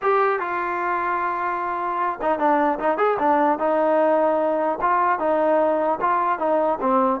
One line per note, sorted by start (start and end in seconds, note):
0.02 0.39 G4
0.39 2.19 F4
2.21 2.39 D#4
2.39 2.79 D4
2.79 2.97 D#4
2.97 3.17 G#4
3.19 3.58 D4
3.58 4.78 D#4
4.81 5.19 F4
5.19 5.99 D#4
6.00 6.39 F4
6.39 6.79 D#4
6.81 7.20 C4